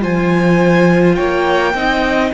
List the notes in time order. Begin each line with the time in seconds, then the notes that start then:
0.00 F3 F4 C5 G#5
1.15 A#3 C#5 G5
1.74 C4 D#4 D#5